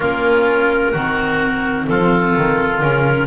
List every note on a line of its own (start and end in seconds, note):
0.00 0.93 A#3
0.00 0.94 C#4
0.00 0.91 F4
0.00 1.87 A#4
0.91 1.87 D#3
0.91 2.82 C4
0.91 1.85 F#4
1.87 2.36 F3
1.87 3.27 F4
1.87 2.80 A4
2.36 2.82 D#3
2.80 3.27 C#3
2.80 3.27 C#4
2.80 3.27 A#4